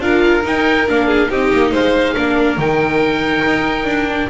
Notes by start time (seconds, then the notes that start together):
0.00 D4 F4 A#4 F5
0.43 D#4 G5
0.88 A#3 D4 F5
1.07 G#4
1.30 C4 D#4 G4 D#5
1.53 A#3
1.72 G#3 C5 F5
2.16 A#3 D4 A#4
2.58 D#3 D#4 G5
3.46 D#4
3.85 D4
4.09 D4